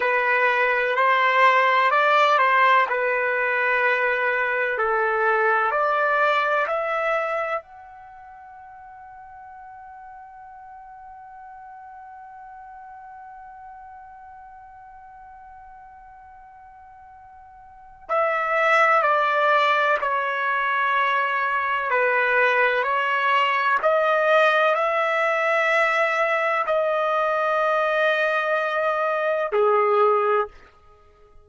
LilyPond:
\new Staff \with { instrumentName = "trumpet" } { \time 4/4 \tempo 4 = 63 b'4 c''4 d''8 c''8 b'4~ | b'4 a'4 d''4 e''4 | fis''1~ | fis''1~ |
fis''2. e''4 | d''4 cis''2 b'4 | cis''4 dis''4 e''2 | dis''2. gis'4 | }